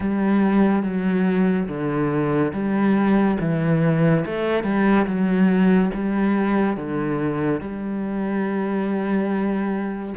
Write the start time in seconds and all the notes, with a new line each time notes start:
0.00 G3
0.83 F#3
1.67 D3
2.53 G3
3.40 E3
4.25 A3
4.63 G3
5.06 F#3
5.93 G3
6.76 D3
7.60 G3